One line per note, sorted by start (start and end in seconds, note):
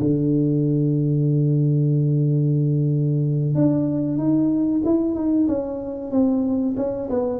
0.00 3.55 D3
3.55 4.18 D4
4.18 4.82 D#4
4.85 5.15 E4
5.15 5.47 D#4
5.48 6.11 C#4
6.11 6.76 C4
6.77 7.09 C#4
7.10 7.40 B3